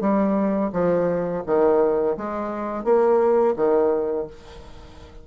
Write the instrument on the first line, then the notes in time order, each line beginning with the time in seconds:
bassoon
0.00 G3
0.72 F3
1.46 D#3
2.16 G#3
2.84 A#3
3.56 D#3